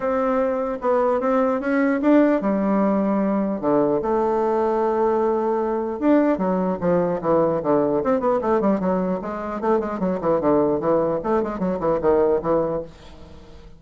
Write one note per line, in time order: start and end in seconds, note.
0.00 0.78 C4
0.81 1.20 B3
1.20 1.60 C4
1.60 2.00 C#4
2.01 2.41 D4
2.41 3.60 G3
3.60 4.00 D3
4.01 5.99 A3
5.99 6.38 D4
6.38 6.78 F#3
6.80 7.20 F3
7.21 7.61 E3
7.63 8.03 D3
8.03 8.19 C4
8.19 8.39 B3
8.41 8.60 A3
8.60 8.80 G3
8.80 9.20 F#3
9.21 9.60 G#3
9.60 9.79 A3
9.79 9.99 G#3
9.99 10.19 F#3
10.20 10.40 E3
10.40 10.80 D3
10.80 11.20 E3
11.23 11.43 A3
11.43 11.59 G#3
11.59 11.79 F#3
11.79 11.99 E3
12.01 12.41 D#3
12.41 12.81 E3